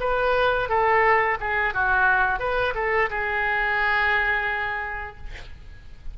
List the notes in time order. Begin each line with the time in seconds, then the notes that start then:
0.00 B4
0.69 A4
1.40 G#4
1.74 F#4
2.39 B4
2.75 A4
3.10 G#4